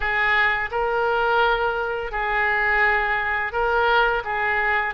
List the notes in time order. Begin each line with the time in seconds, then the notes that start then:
0.00 G#4
0.71 A#4
2.11 G#4
3.52 A#4
4.24 G#4